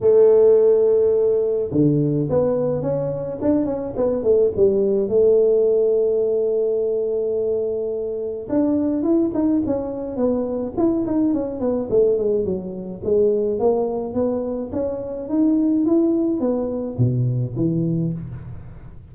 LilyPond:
\new Staff \with { instrumentName = "tuba" } { \time 4/4 \tempo 4 = 106 a2. d4 | b4 cis'4 d'8 cis'8 b8 a8 | g4 a2.~ | a2. d'4 |
e'8 dis'8 cis'4 b4 e'8 dis'8 | cis'8 b8 a8 gis8 fis4 gis4 | ais4 b4 cis'4 dis'4 | e'4 b4 b,4 e4 | }